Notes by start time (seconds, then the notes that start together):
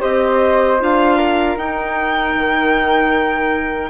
0.00 C4 G4 C5 D#5
0.80 D4 F4 F5
1.17 A#4
1.56 D#4 G5
2.35 D#3